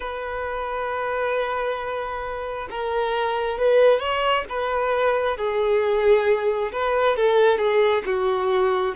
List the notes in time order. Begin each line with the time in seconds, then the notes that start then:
0.00 B4
2.70 A#4
3.58 B4
3.99 C#5
4.49 B4
5.37 G#4
6.72 B4
7.16 A4
7.58 G#4
8.05 F#4